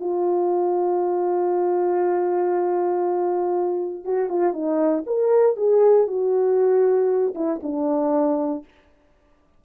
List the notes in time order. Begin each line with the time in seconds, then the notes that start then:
0.00 F4
4.04 F#4
4.29 F4
4.53 D#4
5.06 A#4
5.56 G#4
6.07 F#4
7.35 E4
7.63 D4